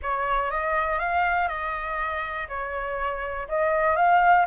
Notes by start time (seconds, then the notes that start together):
0.02 C#5
0.50 D#5
0.99 F5
1.48 D#5
2.48 C#5
3.48 D#5
3.96 F5